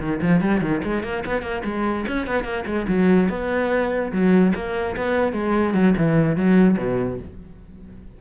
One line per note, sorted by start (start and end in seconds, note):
0.00 0.21 D#3
0.22 0.41 F3
0.41 0.61 G3
0.61 0.82 D#3
0.84 1.03 G#3
1.03 1.23 A#3
1.26 1.42 B3
1.42 1.63 A#3
1.64 2.05 G#3
2.08 2.27 C#4
2.27 2.44 B3
2.44 2.64 A#3
2.66 2.86 G#3
2.88 3.29 F#3
3.29 4.12 B3
4.12 4.53 F#3
4.55 4.96 A#3
4.96 5.33 B3
5.33 5.74 G#3
5.74 5.94 F#3
5.97 6.36 E3
6.36 6.77 F#3
6.78 7.19 B2